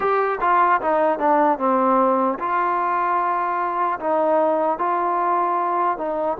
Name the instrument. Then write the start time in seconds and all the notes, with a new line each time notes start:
trombone
0.00 G4
0.40 F4
0.81 D#4
1.19 D4
1.58 C4
2.39 F4
3.99 D#4
4.78 F4
5.97 D#4